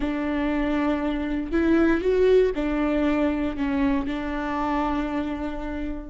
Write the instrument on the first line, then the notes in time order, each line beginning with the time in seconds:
viola
0.00 D4
1.51 E4
2.01 F#4
2.55 D4
3.56 C#4
4.07 D4